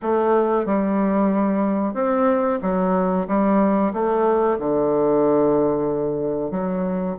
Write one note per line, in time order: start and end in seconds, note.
0.01 0.65 A3
0.65 1.94 G3
1.94 2.59 C4
2.62 3.27 F#3
3.27 3.92 G3
3.93 4.58 A3
4.58 6.50 D3
6.50 7.16 F#3